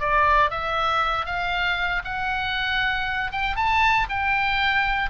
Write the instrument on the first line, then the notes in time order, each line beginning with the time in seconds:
oboe
0.00 D5
0.51 E5
1.26 F5
2.05 F#5
3.32 G5
3.56 A5
4.09 G5